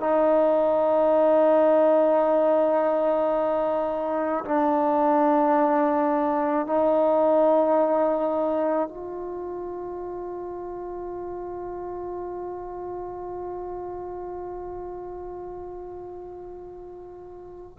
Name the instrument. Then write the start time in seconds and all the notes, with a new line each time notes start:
trombone
0.00 D#4
4.45 D4
6.67 D#4
8.88 F4